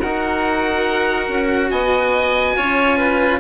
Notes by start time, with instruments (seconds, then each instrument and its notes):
0.00 bassoon D#4, cello F#4, violin A#4, oboe F#5
1.29 bassoon C#4
1.71 bassoon B3, violin D#5, oboe G#5
2.56 bassoon C#4, cello F4, violin C#5
2.98 violin B4